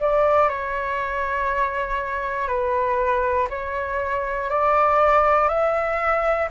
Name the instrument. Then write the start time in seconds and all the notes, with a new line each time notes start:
flute
0.00 D5
0.49 C#5
2.48 B4
3.50 C#5
4.49 D5
5.49 E5